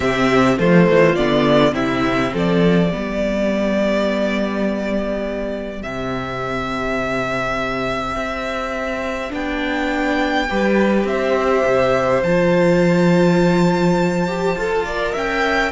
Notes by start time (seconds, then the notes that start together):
0.00 C3 C4 G4 E5
0.58 F3 A3 F4 C5
0.89 E3
1.15 D3 B3 D5
1.72 C3 C4 E4 E5
2.33 F3 A4 D5
2.89 G3 B3 G4
5.81 C3 C4 E5
8.15 C4
9.30 B3 D4 G5
10.49 G3 G4 B4
11.04 C4 C5 E5
11.65 C3
12.22 F3 F4 A5
14.27 G4
14.55 F4 A4
14.84 A#4 D5
15.12 C#4 E5 G5